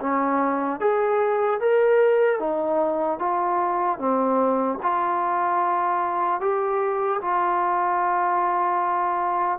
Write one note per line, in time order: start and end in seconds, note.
0.00 0.80 C#4
0.80 1.60 G#4
1.60 2.39 A#4
2.39 3.19 D#4
3.19 3.99 F4
3.99 4.79 C4
4.83 6.41 F4
6.41 7.21 G4
7.21 9.59 F4